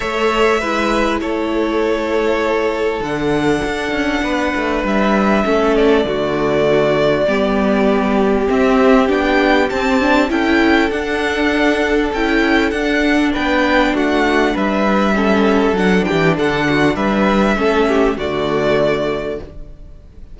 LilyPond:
<<
  \new Staff \with { instrumentName = "violin" } { \time 4/4 \tempo 4 = 99 e''2 cis''2~ | cis''4 fis''2. | e''4. d''2~ d''8~ | d''2 e''4 g''4 |
a''4 g''4 fis''2 | g''4 fis''4 g''4 fis''4 | e''2 fis''8 g''8 fis''4 | e''2 d''2 | }
  \new Staff \with { instrumentName = "violin" } { \time 4/4 cis''4 b'4 a'2~ | a'2. b'4~ | b'4 a'4 fis'2 | g'1~ |
g'4 a'2.~ | a'2 b'4 fis'4 | b'4 a'4. g'8 a'8 fis'8 | b'4 a'8 g'8 fis'2 | }
  \new Staff \with { instrumentName = "viola" } { \time 4/4 a'4 e'2.~ | e'4 d'2.~ | d'4 cis'4 a2 | b2 c'4 d'4 |
c'8 d'8 e'4 d'2 | e'4 d'2.~ | d'4 cis'4 d'2~ | d'4 cis'4 a2 | }
  \new Staff \with { instrumentName = "cello" } { \time 4/4 a4 gis4 a2~ | a4 d4 d'8 cis'8 b8 a8 | g4 a4 d2 | g2 c'4 b4 |
c'4 cis'4 d'2 | cis'4 d'4 b4 a4 | g2 fis8 e8 d4 | g4 a4 d2 | }
>>